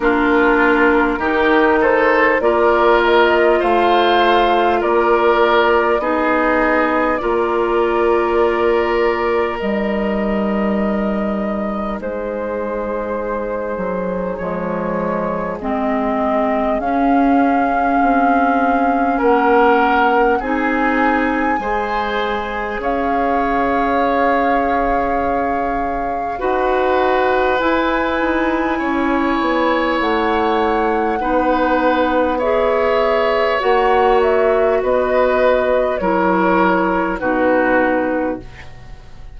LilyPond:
<<
  \new Staff \with { instrumentName = "flute" } { \time 4/4 \tempo 4 = 50 ais'4. c''8 d''8 dis''8 f''4 | d''4 dis''4 d''2 | dis''2 c''2 | cis''4 dis''4 f''2 |
fis''4 gis''2 f''4~ | f''2 fis''4 gis''4~ | gis''4 fis''2 e''4 | fis''8 e''8 dis''4 cis''4 b'4 | }
  \new Staff \with { instrumentName = "oboe" } { \time 4/4 f'4 g'8 a'8 ais'4 c''4 | ais'4 gis'4 ais'2~ | ais'2 gis'2~ | gis'1 |
ais'4 gis'4 c''4 cis''4~ | cis''2 b'2 | cis''2 b'4 cis''4~ | cis''4 b'4 ais'4 fis'4 | }
  \new Staff \with { instrumentName = "clarinet" } { \time 4/4 d'4 dis'4 f'2~ | f'4 dis'4 f'2 | dis'1 | gis4 c'4 cis'2~ |
cis'4 dis'4 gis'2~ | gis'2 fis'4 e'4~ | e'2 dis'4 gis'4 | fis'2 e'4 dis'4 | }
  \new Staff \with { instrumentName = "bassoon" } { \time 4/4 ais4 dis4 ais4 a4 | ais4 b4 ais2 | g2 gis4. fis8 | f4 gis4 cis'4 c'4 |
ais4 c'4 gis4 cis'4~ | cis'2 dis'4 e'8 dis'8 | cis'8 b8 a4 b2 | ais4 b4 fis4 b,4 | }
>>